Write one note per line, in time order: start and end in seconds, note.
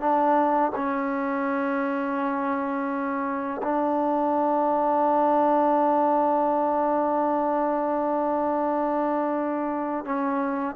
0.00 0.71 D4
0.75 3.61 C#4
3.62 10.05 D4
10.05 10.75 C#4